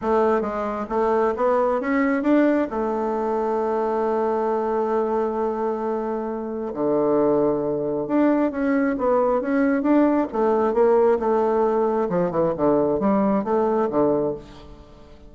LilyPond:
\new Staff \with { instrumentName = "bassoon" } { \time 4/4 \tempo 4 = 134 a4 gis4 a4 b4 | cis'4 d'4 a2~ | a1~ | a2. d4~ |
d2 d'4 cis'4 | b4 cis'4 d'4 a4 | ais4 a2 f8 e8 | d4 g4 a4 d4 | }